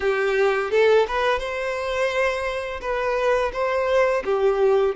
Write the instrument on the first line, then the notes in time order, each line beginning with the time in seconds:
violin
0.00 G4
0.71 A4
1.07 B4
1.39 C5
2.81 B4
3.52 C5
4.24 G4